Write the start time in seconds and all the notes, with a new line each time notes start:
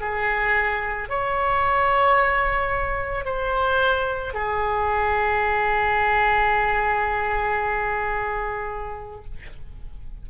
0.00 G#4
1.09 C#5
3.25 C5
4.34 G#4